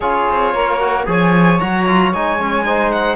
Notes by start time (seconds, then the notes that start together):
0.00 C#4 F4 G#4 C#5
0.30 C4
0.53 A#3 A#4
0.79 F#4
1.06 F3 G#4 C#5 G#5
1.59 F#3 F#4 A#5
1.87 F4
2.13 G#3 D#4 G#5
2.39 C#4
2.64 D#4 C5
2.91 F#5